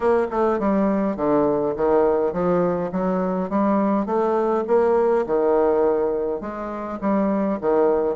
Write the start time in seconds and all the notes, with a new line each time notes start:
0.00 A#3
0.30 A3
0.59 G3
1.16 D3
1.76 D#3
2.32 F3
2.92 F#3
3.50 G3
4.06 A3
4.67 A#3
5.26 D#3
6.40 G#3
7.01 G3
7.60 D#3